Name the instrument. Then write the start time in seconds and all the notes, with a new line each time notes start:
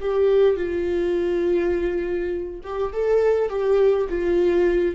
viola
0.00 G4
0.56 F4
2.63 G4
2.92 A4
3.49 G4
4.09 F4